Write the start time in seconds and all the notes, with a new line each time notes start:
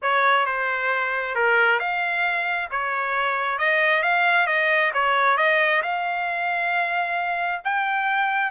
0.02 C#5
0.45 C5
1.35 A#4
1.79 F5
2.70 C#5
3.58 D#5
4.03 F5
4.47 D#5
4.93 C#5
5.37 D#5
5.82 F5
7.64 G5